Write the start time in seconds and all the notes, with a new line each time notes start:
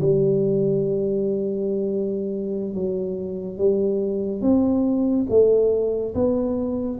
0.00 G3
2.74 F#3
3.58 G3
4.41 C4
5.29 A3
6.15 B3